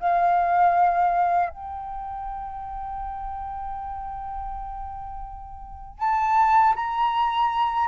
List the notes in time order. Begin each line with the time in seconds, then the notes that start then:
0.00 F5
1.50 G5
6.00 A5
6.76 A#5